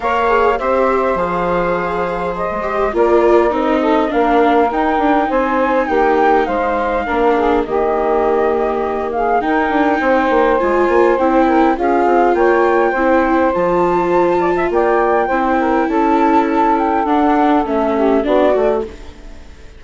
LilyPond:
<<
  \new Staff \with { instrumentName = "flute" } { \time 4/4 \tempo 4 = 102 f''4 e''4 f''2 | dis''4 d''4 dis''4 f''4 | g''4 gis''4 g''4 f''4~ | f''4 dis''2~ dis''8 f''8 |
g''2 gis''4 g''4 | f''4 g''2 a''4~ | a''4 g''2 a''4~ | a''8 g''8 fis''4 e''4 d''4 | }
  \new Staff \with { instrumentName = "saxophone" } { \time 4/4 cis''4 c''2.~ | c''4 ais'4. a'8 ais'4~ | ais'4 c''4 g'4 c''4 | ais'8 gis'8 g'2~ g'8 gis'8 |
ais'4 c''2~ c''8 ais'8 | gis'4 cis''4 c''2~ | c''8 d''16 e''16 d''4 c''8 ais'8 a'4~ | a'2~ a'8 g'8 fis'4 | }
  \new Staff \with { instrumentName = "viola" } { \time 4/4 ais'8 gis'8 g'4 gis'2~ | gis'8 g'8 f'4 dis'4 d'4 | dis'1 | d'4 ais2. |
dis'2 f'4 e'4 | f'2 e'4 f'4~ | f'2 e'2~ | e'4 d'4 cis'4 d'8 fis'8 | }
  \new Staff \with { instrumentName = "bassoon" } { \time 4/4 ais4 c'4 f2~ | f16 gis8. ais4 c'4 ais4 | dis'8 d'8 c'4 ais4 gis4 | ais4 dis2. |
dis'8 d'8 c'8 ais8 gis8 ais8 c'4 | cis'8 c'8 ais4 c'4 f4~ | f4 ais4 c'4 cis'4~ | cis'4 d'4 a4 b8 a8 | }
>>